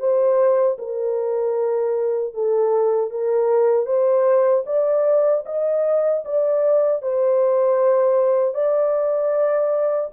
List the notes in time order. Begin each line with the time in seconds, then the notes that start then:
0.00 C5
0.79 A#4
2.34 A4
3.11 A#4
3.86 C5
4.66 D5
5.46 D#5
6.25 D5
7.02 C5
8.55 D5